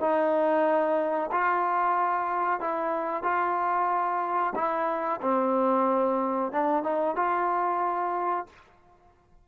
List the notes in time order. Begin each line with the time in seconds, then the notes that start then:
0.00 D#4
1.32 F4
2.61 E4
3.23 F4
4.55 E4
5.21 C4
6.52 D4
6.84 D#4
7.16 F4